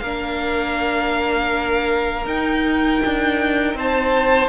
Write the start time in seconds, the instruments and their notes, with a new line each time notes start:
0.00 cello A#3, viola D4, violin A#4 F5
2.26 cello D#4, viola D#4, violin G5
3.05 cello D4
3.74 cello C4, violin C5 A5